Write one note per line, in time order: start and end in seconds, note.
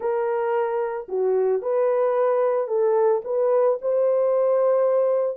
0.00 1.07 A#4
1.08 1.61 F#4
1.61 2.67 B4
2.67 3.21 A4
3.24 3.78 B4
3.81 5.37 C5